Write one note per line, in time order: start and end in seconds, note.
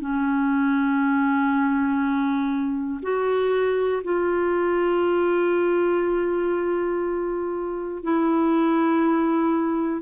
0.00 3.00 C#4
3.02 4.02 F#4
4.04 8.03 F4
8.03 10.01 E4